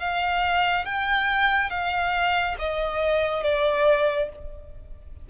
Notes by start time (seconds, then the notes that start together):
0.00 F5
0.86 G5
1.71 F5
2.59 D#5
3.44 D5